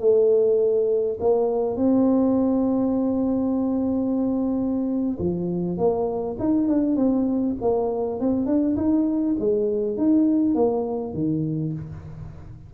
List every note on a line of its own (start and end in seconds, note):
0.00 1.19 A3
1.21 1.77 A#3
1.77 5.18 C4
5.19 5.78 F3
5.78 6.37 A#3
6.40 6.69 D#4
6.69 6.97 D4
6.97 7.56 C4
7.62 8.20 A#3
8.20 8.47 C4
8.47 8.76 D4
8.77 9.36 D#4
9.40 9.97 G#3
9.97 10.55 D#4
10.55 11.14 A#3
11.14 11.74 D#3